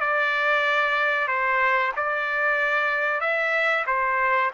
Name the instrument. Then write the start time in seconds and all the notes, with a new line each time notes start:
trumpet
0.00 D5
1.28 C5
1.96 D5
3.20 E5
3.87 C5